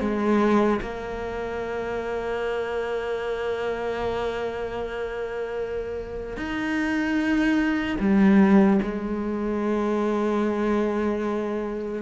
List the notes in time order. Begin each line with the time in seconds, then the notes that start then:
0.00 G#3
0.81 A#3
6.37 D#4
8.00 G3
8.82 G#3